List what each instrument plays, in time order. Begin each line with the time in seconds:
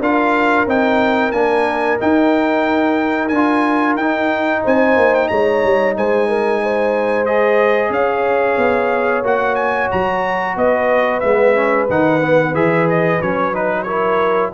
0.00 tuba D4, trombone F4, horn A#4, trumpet F5
0.67 tuba C4, trombone D#4, trumpet G5
1.32 tuba A#3, trombone D4, trumpet G#5
1.99 trombone D#4, tuba D#4, trumpet G5
3.29 tuba D4, trumpet G#5
3.36 trombone F4
3.96 tuba D#4, trombone D#4, trumpet G5
4.64 tuba C4, horn C5, trumpet G#5
4.97 tuba A#3
5.15 trumpet G5
5.28 tuba G#3, horn C#5, trumpet A#5
5.64 tuba G3
5.97 tuba G#3, horn C5, trumpet G#5
6.29 horn A#4
6.62 horn C5
7.26 trombone G#4, trumpet D#5
7.90 tuba C#4, horn C#5, trumpet F5
8.58 tuba B3
9.23 tuba A#3, trombone F#4, trumpet F#5
9.56 trumpet G#5
9.92 tuba F#3, trumpet A#5
10.56 tuba B3, horn B4, trumpet D#5
11.20 tuba G#3, trombone B3, trumpet E5
11.55 trombone C#4
11.90 tuba D#3, trombone D#4, trumpet F#5
12.22 trombone B3
12.54 tuba E3, trombone G#4, trumpet E5
12.89 trumpet D#5
13.22 tuba F#3, trombone C#4, trumpet C#5
13.54 trombone D#4, trumpet B4
13.83 trombone E4, horn A#4, trumpet C#5